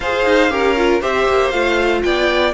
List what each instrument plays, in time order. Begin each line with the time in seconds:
0.00 cello F4, viola G#4, violin C5 F5
0.25 cello D#4
0.50 cello C#4, viola G4, violin A#4
0.76 viola F4
1.01 cello C4, viola G4, violin C5 E5
1.28 cello A#3
1.50 cello A3, viola F4, violin F5
2.03 cello B3, violin D5 G5